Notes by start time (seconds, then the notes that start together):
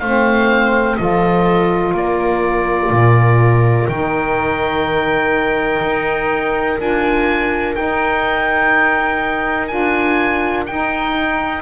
0.00 A3 C4 C5 F5
0.97 F3 F4 A4 D#5
1.93 A#3 A#4 D5
2.90 A#2
3.88 D#3 D#4 G5
5.82 D#4
6.78 D4 F4 G#5
7.75 D#4 G5
9.68 D4 F4 G#5
10.66 D#4 G5